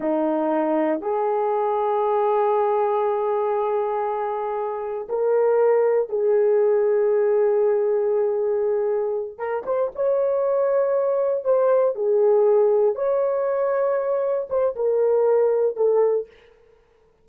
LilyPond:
\new Staff \with { instrumentName = "horn" } { \time 4/4 \tempo 4 = 118 dis'2 gis'2~ | gis'1~ | gis'2 ais'2 | gis'1~ |
gis'2~ gis'8 ais'8 c''8 cis''8~ | cis''2~ cis''8 c''4 gis'8~ | gis'4. cis''2~ cis''8~ | cis''8 c''8 ais'2 a'4 | }